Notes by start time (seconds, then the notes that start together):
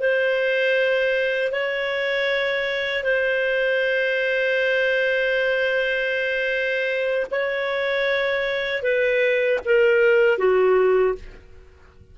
0.00 C5
1.52 C#5
3.04 C5
7.31 C#5
8.83 B4
9.65 A#4
10.38 F#4